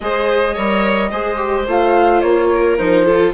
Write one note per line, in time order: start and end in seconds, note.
0.00 0.56 G#3
0.00 0.56 G#4
0.00 0.54 C5
0.00 1.66 D#5
0.54 1.12 G3
0.54 1.11 A#4
0.54 1.09 C#5
1.10 1.67 G#3
1.10 1.37 G#4
1.10 2.49 C5
1.37 1.64 G4
1.67 2.22 A3
1.67 2.78 F4
1.67 2.20 F5
2.20 2.78 A#3
2.20 2.76 C#5
2.53 3.05 A#4
2.77 3.33 F3
2.77 3.05 D#4
2.77 3.33 C5
3.05 3.33 F4
3.05 3.32 A4